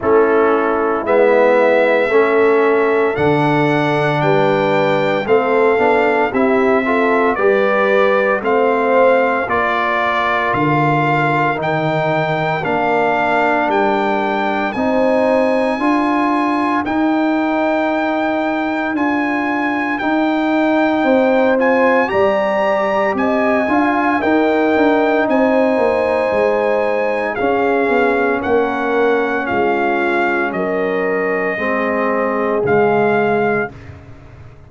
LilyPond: <<
  \new Staff \with { instrumentName = "trumpet" } { \time 4/4 \tempo 4 = 57 a'4 e''2 fis''4 | g''4 f''4 e''4 d''4 | f''4 d''4 f''4 g''4 | f''4 g''4 gis''2 |
g''2 gis''4 g''4~ | g''8 gis''8 ais''4 gis''4 g''4 | gis''2 f''4 fis''4 | f''4 dis''2 f''4 | }
  \new Staff \with { instrumentName = "horn" } { \time 4/4 e'2 a'2 | b'4 a'4 g'8 a'8 b'4 | c''4 ais'2.~ | ais'2 c''4 ais'4~ |
ais'1 | c''4 d''4 dis''8 f''8 ais'4 | c''2 gis'4 ais'4 | f'4 ais'4 gis'2 | }
  \new Staff \with { instrumentName = "trombone" } { \time 4/4 cis'4 b4 cis'4 d'4~ | d'4 c'8 d'8 e'8 f'8 g'4 | c'4 f'2 dis'4 | d'2 dis'4 f'4 |
dis'2 f'4 dis'4~ | dis'8 f'8 g'4. f'8 dis'4~ | dis'2 cis'2~ | cis'2 c'4 gis4 | }
  \new Staff \with { instrumentName = "tuba" } { \time 4/4 a4 gis4 a4 d4 | g4 a8 b8 c'4 g4 | a4 ais4 d4 dis4 | ais4 g4 c'4 d'4 |
dis'2 d'4 dis'4 | c'4 g4 c'8 d'8 dis'8 d'8 | c'8 ais8 gis4 cis'8 b8 ais4 | gis4 fis4 gis4 cis4 | }
>>